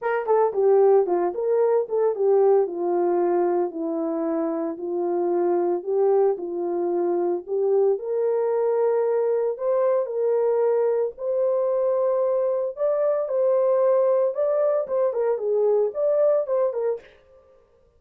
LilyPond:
\new Staff \with { instrumentName = "horn" } { \time 4/4 \tempo 4 = 113 ais'8 a'8 g'4 f'8 ais'4 a'8 | g'4 f'2 e'4~ | e'4 f'2 g'4 | f'2 g'4 ais'4~ |
ais'2 c''4 ais'4~ | ais'4 c''2. | d''4 c''2 d''4 | c''8 ais'8 gis'4 d''4 c''8 ais'8 | }